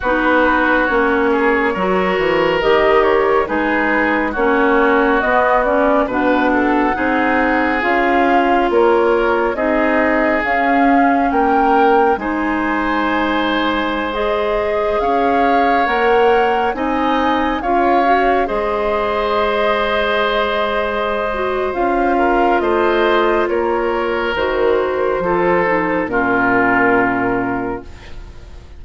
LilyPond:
<<
  \new Staff \with { instrumentName = "flute" } { \time 4/4 \tempo 4 = 69 b'4 cis''2 dis''8 cis''8 | b'4 cis''4 dis''8 d''8 fis''4~ | fis''4 f''4 cis''4 dis''4 | f''4 g''4 gis''2~ |
gis''16 dis''4 f''4 fis''4 gis''8.~ | gis''16 f''4 dis''2~ dis''8.~ | dis''4 f''4 dis''4 cis''4 | c''2 ais'2 | }
  \new Staff \with { instrumentName = "oboe" } { \time 4/4 fis'4. gis'8 ais'2 | gis'4 fis'2 b'8 a'8 | gis'2 ais'4 gis'4~ | gis'4 ais'4 c''2~ |
c''4~ c''16 cis''2 dis''8.~ | dis''16 cis''4 c''2~ c''8.~ | c''4. ais'8 c''4 ais'4~ | ais'4 a'4 f'2 | }
  \new Staff \with { instrumentName = "clarinet" } { \time 4/4 dis'4 cis'4 fis'4 g'4 | dis'4 cis'4 b8 cis'8 d'4 | dis'4 f'2 dis'4 | cis'2 dis'2~ |
dis'16 gis'2 ais'4 dis'8.~ | dis'16 f'8 fis'8 gis'2~ gis'8.~ | gis'8 fis'8 f'2. | fis'4 f'8 dis'8 cis'2 | }
  \new Staff \with { instrumentName = "bassoon" } { \time 4/4 b4 ais4 fis8 e8 dis4 | gis4 ais4 b4 b,4 | c'4 cis'4 ais4 c'4 | cis'4 ais4 gis2~ |
gis4~ gis16 cis'4 ais4 c'8.~ | c'16 cis'4 gis2~ gis8.~ | gis4 cis'4 a4 ais4 | dis4 f4 ais,2 | }
>>